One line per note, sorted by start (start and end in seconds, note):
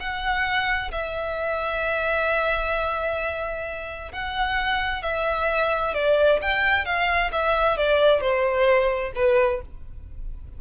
0.00 0.92 F#5
0.92 4.12 E5
4.12 5.03 F#5
5.03 5.94 E5
5.95 6.40 D5
6.42 6.86 G5
6.86 7.32 F5
7.33 7.78 E5
7.78 8.21 D5
8.21 9.13 C5
9.16 9.62 B4